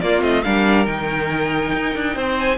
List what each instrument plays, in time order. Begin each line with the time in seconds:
0.00 cello A#3, viola A#3, violin F4 D5
0.20 cello A3, viola C4, violin D#5
0.43 cello G3, viola D4, violin A#4 F5
0.85 cello D#3, viola D#4, violin G5
1.73 cello D#4
1.95 cello D4
2.14 cello C4, violin C5
2.39 violin G#5